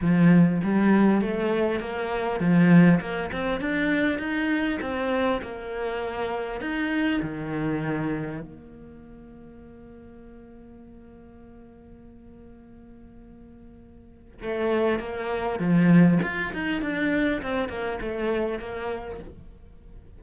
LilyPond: \new Staff \with { instrumentName = "cello" } { \time 4/4 \tempo 4 = 100 f4 g4 a4 ais4 | f4 ais8 c'8 d'4 dis'4 | c'4 ais2 dis'4 | dis2 ais2~ |
ais1~ | ais1 | a4 ais4 f4 f'8 dis'8 | d'4 c'8 ais8 a4 ais4 | }